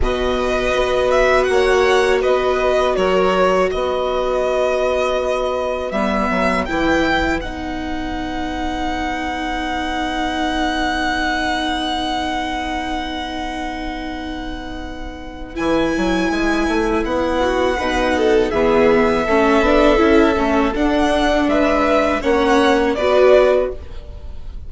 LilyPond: <<
  \new Staff \with { instrumentName = "violin" } { \time 4/4 \tempo 4 = 81 dis''4. e''8 fis''4 dis''4 | cis''4 dis''2. | e''4 g''4 fis''2~ | fis''1~ |
fis''1~ | fis''4 gis''2 fis''4~ | fis''4 e''2. | fis''4 e''4 fis''4 d''4 | }
  \new Staff \with { instrumentName = "violin" } { \time 4/4 b'2 cis''4 b'4 | ais'4 b'2.~ | b'1~ | b'1~ |
b'1~ | b'2.~ b'8 fis'8 | b'8 a'8 gis'4 a'2~ | a'4 b'4 cis''4 b'4 | }
  \new Staff \with { instrumentName = "viola" } { \time 4/4 fis'1~ | fis'1 | b4 e'4 dis'2~ | dis'1~ |
dis'1~ | dis'4 e'2. | dis'4 b4 cis'8 d'8 e'8 cis'8 | d'2 cis'4 fis'4 | }
  \new Staff \with { instrumentName = "bassoon" } { \time 4/4 b,4 b4 ais4 b4 | fis4 b2. | g8 fis8 e4 b2~ | b1~ |
b1~ | b4 e8 fis8 gis8 a8 b4 | b,4 e4 a8 b8 cis'8 a8 | d'4 gis4 ais4 b4 | }
>>